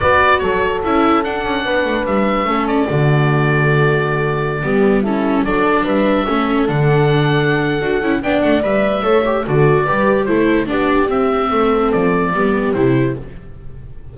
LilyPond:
<<
  \new Staff \with { instrumentName = "oboe" } { \time 4/4 \tempo 4 = 146 d''4 cis''4 e''4 fis''4~ | fis''4 e''4. d''4.~ | d''1~ | d''16 a'4 d''4 e''4.~ e''16~ |
e''16 fis''2.~ fis''8. | g''8 fis''8 e''2 d''4~ | d''4 c''4 d''4 e''4~ | e''4 d''2 c''4 | }
  \new Staff \with { instrumentName = "horn" } { \time 4/4 b'4 a'2. | b'2 a'4 fis'4~ | fis'2.~ fis'16 g'8.~ | g'16 e'4 a'4 b'4 a'8.~ |
a'1 | d''2 cis''4 a'4 | b'4 a'4 g'2 | a'2 g'2 | }
  \new Staff \with { instrumentName = "viola" } { \time 4/4 fis'2 e'4 d'4~ | d'2 cis'4 a4~ | a2.~ a16 b8.~ | b16 cis'4 d'2 cis'8.~ |
cis'16 d'2~ d'8. fis'8 e'8 | d'4 b'4 a'8 g'8 fis'4 | g'4 e'4 d'4 c'4~ | c'2 b4 e'4 | }
  \new Staff \with { instrumentName = "double bass" } { \time 4/4 b4 fis4 cis'4 d'8 cis'8 | b8 a8 g4 a4 d4~ | d2.~ d16 g8.~ | g4~ g16 fis4 g4 a8.~ |
a16 d2~ d8. d'8 cis'8 | b8 a8 g4 a4 d4 | g4 a4 b4 c'4 | a4 f4 g4 c4 | }
>>